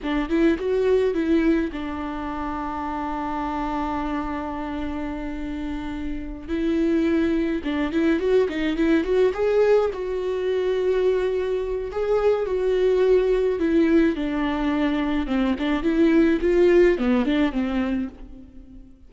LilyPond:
\new Staff \with { instrumentName = "viola" } { \time 4/4 \tempo 4 = 106 d'8 e'8 fis'4 e'4 d'4~ | d'1~ | d'2.~ d'8 e'8~ | e'4. d'8 e'8 fis'8 dis'8 e'8 |
fis'8 gis'4 fis'2~ fis'8~ | fis'4 gis'4 fis'2 | e'4 d'2 c'8 d'8 | e'4 f'4 b8 d'8 c'4 | }